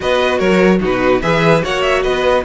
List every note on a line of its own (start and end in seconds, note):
0.00 0.40 B3
0.00 0.80 F#4
0.00 0.38 B4
0.00 0.39 D#5
0.38 0.81 F#3
0.38 0.79 A#4
0.38 0.80 C#5
0.80 1.22 B2
0.80 1.21 D#4
0.80 1.21 F#4
0.80 1.21 B4
1.21 1.62 E3
1.21 1.62 G#4
1.21 1.64 B4
1.21 1.62 E5
1.62 2.05 A#3
1.62 2.43 F#4
1.62 2.03 C#5
1.62 1.82 F#5
1.82 2.02 E5
2.02 2.45 B3
2.02 2.44 B4
2.02 2.43 D#5